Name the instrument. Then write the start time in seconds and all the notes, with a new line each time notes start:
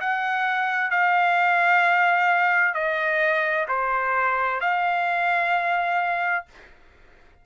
trumpet
0.00 F#5
0.91 F5
2.74 D#5
3.68 C5
4.61 F5